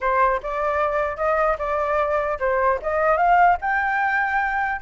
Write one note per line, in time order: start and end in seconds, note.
0.00 0.40 C5
0.42 1.16 D5
1.16 1.56 D#5
1.58 2.38 D5
2.39 2.79 C5
2.82 3.17 D#5
3.17 3.57 F5
3.61 4.81 G5